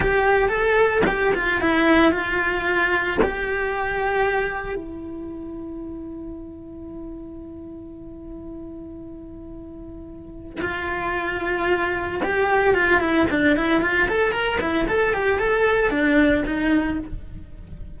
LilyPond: \new Staff \with { instrumentName = "cello" } { \time 4/4 \tempo 4 = 113 g'4 a'4 g'8 f'8 e'4 | f'2 g'2~ | g'4 e'2.~ | e'1~ |
e'1 | f'2. g'4 | f'8 e'8 d'8 e'8 f'8 a'8 ais'8 e'8 | a'8 g'8 a'4 d'4 dis'4 | }